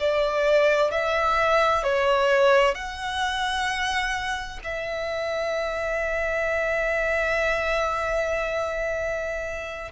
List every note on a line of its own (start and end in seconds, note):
0.00 0.91 D5
0.91 1.84 E5
1.84 2.75 C#5
2.75 4.60 F#5
4.64 9.92 E5